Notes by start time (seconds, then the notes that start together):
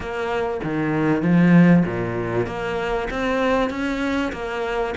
0.00 A#3
0.63 D#3
1.22 F3
1.86 A#2
2.46 A#3
3.10 C4
3.70 C#4
4.32 A#3